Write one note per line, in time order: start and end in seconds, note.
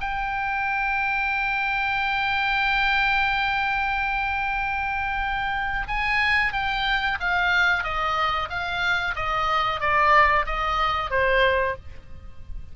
0.00 5.87 G5
5.87 6.52 G#5
6.53 7.18 G5
7.20 7.83 F5
7.83 8.49 D#5
8.49 9.14 F5
9.15 9.80 D#5
9.80 10.45 D5
10.46 11.10 D#5
11.10 11.75 C5